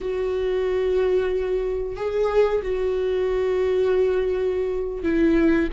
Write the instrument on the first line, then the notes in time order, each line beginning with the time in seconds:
viola
0.00 F#4
1.96 G#4
2.62 F#4
5.03 E4